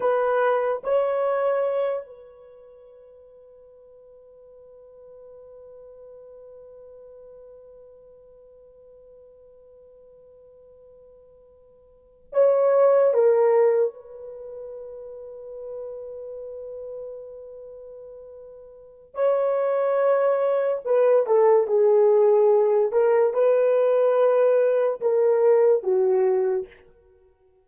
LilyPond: \new Staff \with { instrumentName = "horn" } { \time 4/4 \tempo 4 = 72 b'4 cis''4. b'4.~ | b'1~ | b'1~ | b'2~ b'8. cis''4 ais'16~ |
ais'8. b'2.~ b'16~ | b'2. cis''4~ | cis''4 b'8 a'8 gis'4. ais'8 | b'2 ais'4 fis'4 | }